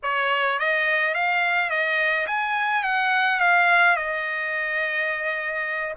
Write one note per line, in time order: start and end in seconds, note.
0.02 0.59 C#5
0.59 1.14 D#5
1.14 1.70 F5
1.70 2.26 D#5
2.26 2.83 G#5
2.83 3.40 F#5
3.40 3.96 F5
3.96 5.94 D#5